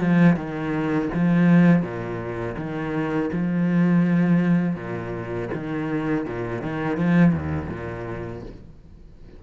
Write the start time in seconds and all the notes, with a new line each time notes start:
0.00 F3
0.36 D#3
1.14 F3
1.82 A#2
2.57 D#3
3.33 F3
4.76 A#2
5.54 D#3
6.26 A#2
6.62 D#3
6.97 F3
7.33 D#2
7.70 A#2